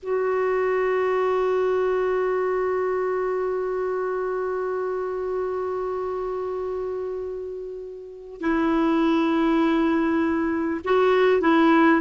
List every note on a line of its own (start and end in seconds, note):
0.02 8.41 F#4
8.41 10.81 E4
10.84 11.41 F#4
11.41 12.01 E4